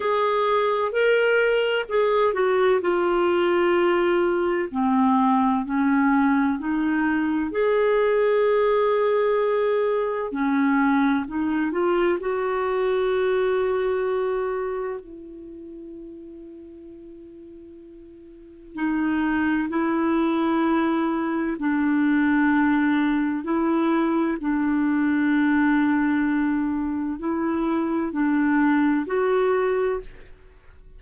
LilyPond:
\new Staff \with { instrumentName = "clarinet" } { \time 4/4 \tempo 4 = 64 gis'4 ais'4 gis'8 fis'8 f'4~ | f'4 c'4 cis'4 dis'4 | gis'2. cis'4 | dis'8 f'8 fis'2. |
e'1 | dis'4 e'2 d'4~ | d'4 e'4 d'2~ | d'4 e'4 d'4 fis'4 | }